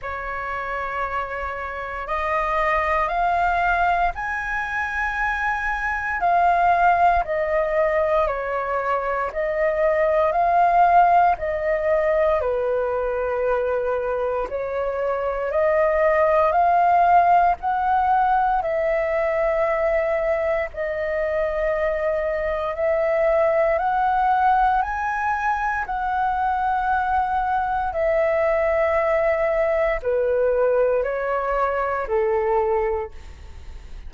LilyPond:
\new Staff \with { instrumentName = "flute" } { \time 4/4 \tempo 4 = 58 cis''2 dis''4 f''4 | gis''2 f''4 dis''4 | cis''4 dis''4 f''4 dis''4 | b'2 cis''4 dis''4 |
f''4 fis''4 e''2 | dis''2 e''4 fis''4 | gis''4 fis''2 e''4~ | e''4 b'4 cis''4 a'4 | }